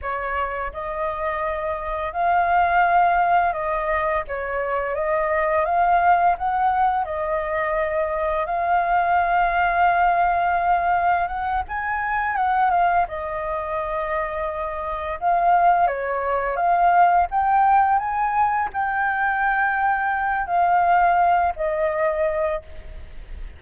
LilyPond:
\new Staff \with { instrumentName = "flute" } { \time 4/4 \tempo 4 = 85 cis''4 dis''2 f''4~ | f''4 dis''4 cis''4 dis''4 | f''4 fis''4 dis''2 | f''1 |
fis''8 gis''4 fis''8 f''8 dis''4.~ | dis''4. f''4 cis''4 f''8~ | f''8 g''4 gis''4 g''4.~ | g''4 f''4. dis''4. | }